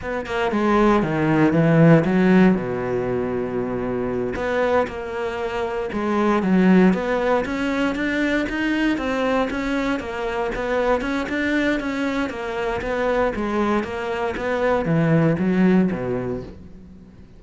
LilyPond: \new Staff \with { instrumentName = "cello" } { \time 4/4 \tempo 4 = 117 b8 ais8 gis4 dis4 e4 | fis4 b,2.~ | b,8 b4 ais2 gis8~ | gis8 fis4 b4 cis'4 d'8~ |
d'8 dis'4 c'4 cis'4 ais8~ | ais8 b4 cis'8 d'4 cis'4 | ais4 b4 gis4 ais4 | b4 e4 fis4 b,4 | }